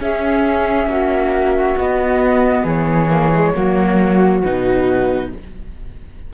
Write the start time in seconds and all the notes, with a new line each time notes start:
0.00 C#4 G#4 E5
0.87 A#3 F#4
1.77 B3 D#5
2.64 E3 G#4 C#5
3.10 A#3
3.35 G#3
3.54 F#3 A#3 F#4
4.43 B2 D#4 B4